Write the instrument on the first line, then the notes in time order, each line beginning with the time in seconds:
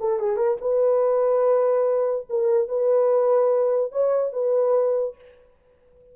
horn
0.00 A4
0.20 G#4
0.37 A#4
0.61 B4
2.30 A#4
2.69 B4
3.92 C#5
4.33 B4